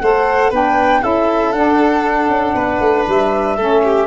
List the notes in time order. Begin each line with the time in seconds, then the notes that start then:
0.00 A3 A4 C5 F#5
0.50 B3 D4 B4 G5
1.02 C#4 E4 A4 E5
1.53 D4 F#5
2.28 C#4
2.54 B3 B4
2.80 A3
3.08 G3 E5
3.57 A3 C#4 A4
3.84 G4